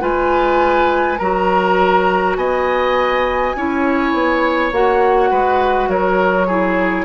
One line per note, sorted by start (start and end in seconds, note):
0.00 1.20 G#3
0.00 1.18 F4
0.00 1.19 B4
0.00 1.19 G#5
1.19 2.37 F#3
1.19 3.57 F#4
1.19 2.37 A#4
1.19 2.36 A#5
2.37 3.54 B3
2.37 3.56 D#5
2.37 4.72 G#5
3.56 4.14 C#4
3.56 4.74 E4
3.56 5.31 C#5
4.14 4.72 B3
4.72 5.31 A#3
4.72 6.49 F#4
4.72 5.90 F#5
5.31 5.88 G#3
5.31 5.89 B4
5.88 7.06 F#3
5.88 6.47 A#4
5.88 7.06 C#5
6.47 7.06 E4
6.47 7.06 G#4